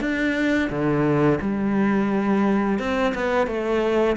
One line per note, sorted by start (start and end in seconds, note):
0.00 0.69 D4
0.70 1.39 D3
1.41 2.79 G3
2.79 3.13 C4
3.14 3.47 B3
3.47 4.16 A3